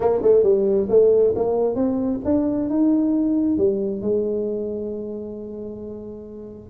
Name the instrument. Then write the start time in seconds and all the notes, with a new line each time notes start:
tuba
0.00 A#3
0.22 A3
0.43 G3
0.89 A3
1.35 A#3
1.75 C4
2.24 D4
2.69 D#4
3.57 G3
4.01 G#3